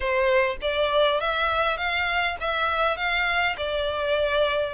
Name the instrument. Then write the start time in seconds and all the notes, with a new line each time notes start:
violin
0.00 C5
0.61 D5
1.20 E5
1.77 F5
2.40 E5
2.96 F5
3.57 D5